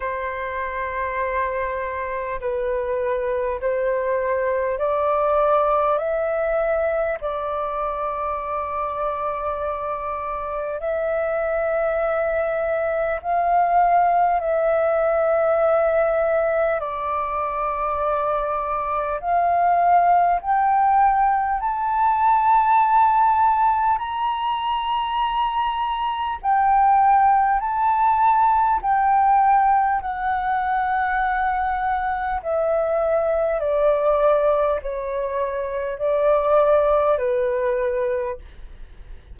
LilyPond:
\new Staff \with { instrumentName = "flute" } { \time 4/4 \tempo 4 = 50 c''2 b'4 c''4 | d''4 e''4 d''2~ | d''4 e''2 f''4 | e''2 d''2 |
f''4 g''4 a''2 | ais''2 g''4 a''4 | g''4 fis''2 e''4 | d''4 cis''4 d''4 b'4 | }